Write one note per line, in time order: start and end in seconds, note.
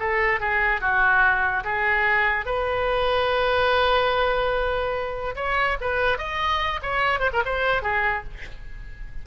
0.00 0.40 A4
0.40 0.81 G#4
0.81 1.64 F#4
1.64 2.46 G#4
2.46 5.35 B4
5.36 5.78 C#5
5.81 6.18 B4
6.18 6.80 D#5
6.83 7.20 C#5
7.20 7.31 C5
7.33 7.44 A#4
7.46 7.83 C5
7.83 8.24 G#4